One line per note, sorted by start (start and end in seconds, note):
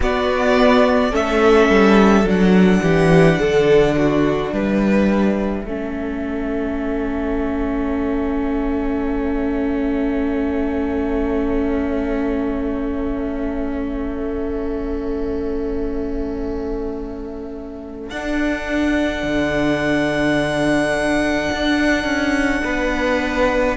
0.00 1.13 B3
0.00 1.11 B3
0.00 1.10 F#4
0.00 1.14 D5
1.10 1.69 A3
1.10 2.24 C#4
1.10 2.80 A4
1.10 2.28 E5
1.69 2.23 G3
2.23 2.79 F#3
2.23 5.65 D4
2.29 4.53 F#5
2.82 3.39 E3
2.82 3.39 G4
3.39 4.52 D3
3.39 3.95 A4
3.96 4.53 F#4
4.52 5.65 G3
4.52 5.66 B4
4.52 18.10 E5
5.65 18.09 A3
5.65 18.12 C#4
5.65 22.64 A4
18.09 19.22 D4
18.09 23.77 D4
18.09 23.76 F#5
19.22 21.49 D3
21.51 22.04 D4
22.04 22.60 C#4
22.64 23.77 B3
22.64 23.77 B4